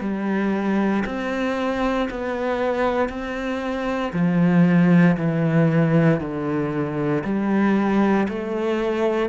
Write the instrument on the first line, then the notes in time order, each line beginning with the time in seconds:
cello
0.00 G3
1.05 C4
2.10 B3
3.09 C4
4.13 F3
5.17 E3
6.20 D3
7.24 G3
8.29 A3